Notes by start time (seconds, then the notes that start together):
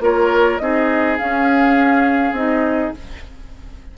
0.00 A#3 F4 A#4 C#5
0.58 C4 D#4 G#4 D#5
1.17 C#4 F5
2.32 C4 D#4 D#5